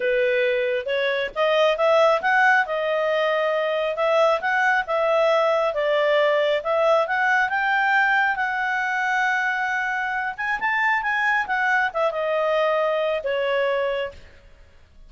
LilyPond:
\new Staff \with { instrumentName = "clarinet" } { \time 4/4 \tempo 4 = 136 b'2 cis''4 dis''4 | e''4 fis''4 dis''2~ | dis''4 e''4 fis''4 e''4~ | e''4 d''2 e''4 |
fis''4 g''2 fis''4~ | fis''2.~ fis''8 gis''8 | a''4 gis''4 fis''4 e''8 dis''8~ | dis''2 cis''2 | }